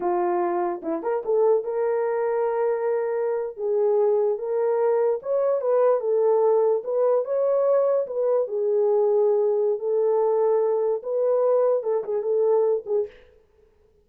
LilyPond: \new Staff \with { instrumentName = "horn" } { \time 4/4 \tempo 4 = 147 f'2 e'8 ais'8 a'4 | ais'1~ | ais'8. gis'2 ais'4~ ais'16~ | ais'8. cis''4 b'4 a'4~ a'16~ |
a'8. b'4 cis''2 b'16~ | b'8. gis'2.~ gis'16 | a'2. b'4~ | b'4 a'8 gis'8 a'4. gis'8 | }